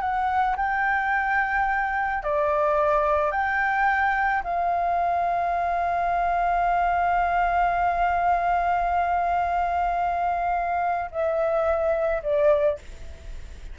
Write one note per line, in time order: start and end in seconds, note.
0.00 0.56 F#5
0.56 2.23 G5
2.23 3.31 D5
3.31 4.42 G5
4.43 11.10 F5
11.11 12.22 E5
12.22 12.78 D5